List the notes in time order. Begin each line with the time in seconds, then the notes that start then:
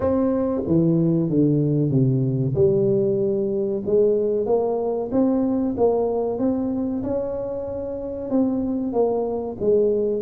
0.00 C4
0.66 E3
1.29 D3
1.90 C3
2.54 G3
3.86 G#3
4.46 A#3
5.11 C4
5.77 A#3
6.39 C4
7.03 C#4
8.30 C4
8.92 A#3
9.60 G#3